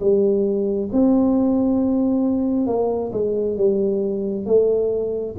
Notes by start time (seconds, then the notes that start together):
0.00 G3
0.92 C4
2.67 A#3
3.12 G#3
3.57 G3
4.46 A3